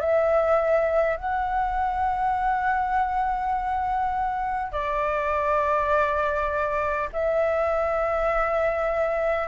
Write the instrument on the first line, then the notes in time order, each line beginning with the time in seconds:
flute
0.00 E5
1.17 F#5
4.72 D5
7.13 E5